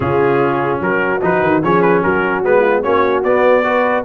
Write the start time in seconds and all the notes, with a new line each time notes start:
0.00 C#3 C#4 F4 G#4
0.80 F#3 F#4 A#4
1.21 F3 D#4 B4
1.41 D#3
1.63 F3 C#4 G#4 C#5
1.82 B4
2.02 F#3 F#4 A#4
2.44 G#3 B3 B4
2.60 F4
2.82 A#3 C#4 F#4 C#5
3.23 B3 D5
3.63 F#4 B4